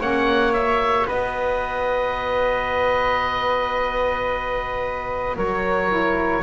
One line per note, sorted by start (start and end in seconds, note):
0.00 1.07 A#3
0.00 0.54 C#4
0.00 1.07 C#5
0.00 0.54 F#5
0.54 5.88 F#4
0.54 1.07 E5
1.07 5.36 B3
1.07 5.36 B4
1.07 5.37 D#5
5.36 6.44 F#3
5.36 6.43 A#4
5.36 6.44 C#5
5.88 6.41 E4